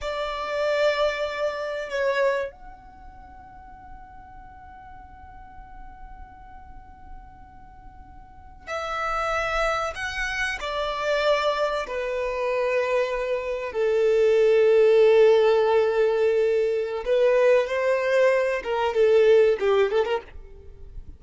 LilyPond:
\new Staff \with { instrumentName = "violin" } { \time 4/4 \tempo 4 = 95 d''2. cis''4 | fis''1~ | fis''1~ | fis''4.~ fis''16 e''2 fis''16~ |
fis''8. d''2 b'4~ b'16~ | b'4.~ b'16 a'2~ a'16~ | a'2. b'4 | c''4. ais'8 a'4 g'8 a'16 ais'16 | }